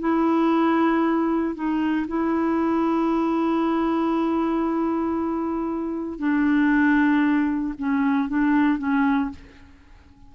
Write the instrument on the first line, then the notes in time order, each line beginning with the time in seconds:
clarinet
0.00 E4
1.55 D#4
2.08 E4
6.19 D4
7.79 C#4
8.29 D4
8.79 C#4